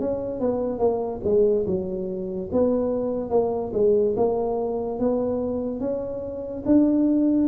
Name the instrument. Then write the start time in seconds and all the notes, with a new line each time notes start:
tuba
0.00 C#4
0.40 B3
0.79 A#3
1.24 G#3
1.66 F#3
2.52 B3
3.30 A#3
3.73 G#3
4.16 A#3
4.99 B3
5.80 C#4
6.66 D4